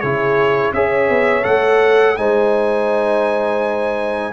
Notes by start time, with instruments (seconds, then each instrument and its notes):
0.00 tuba C#3, trombone E4, horn G#4, trumpet C#5
0.73 tuba C#4, trombone G#4, horn C#5, trumpet E5
1.09 tuba B3
1.43 tuba A3, trombone A4, trumpet F#5
2.17 tuba G#3, trombone D#4, horn C5, trumpet G#5